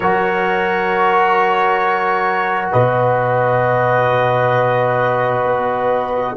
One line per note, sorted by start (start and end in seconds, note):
0.00 2.71 F#3
0.00 6.36 F#4
0.00 2.72 A#4
0.00 2.70 C#5
2.72 5.44 B2
2.72 6.35 B4
2.72 6.36 D#5
5.44 6.34 B3